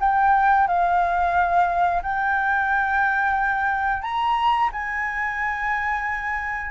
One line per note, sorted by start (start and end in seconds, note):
0.00 0.67 G5
0.67 2.02 F5
2.03 4.02 G5
4.02 4.70 A#5
4.72 6.70 G#5